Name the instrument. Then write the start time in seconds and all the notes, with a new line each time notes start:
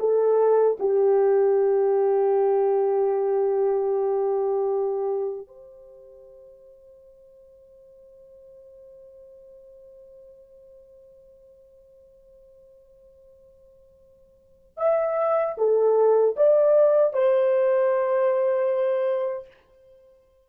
horn
0.00 A4
0.80 G4
5.48 C5
14.77 E5
15.58 A4
16.37 D5
17.14 C5